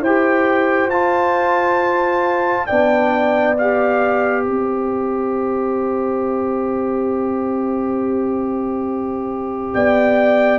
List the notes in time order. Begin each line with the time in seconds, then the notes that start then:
0.00 E4 G4 C5 G5
0.87 F4 A5
2.66 B3 D4 D5 G5
3.58 G4 F5
4.43 C4 C5 E5
9.74 B3 D5 G5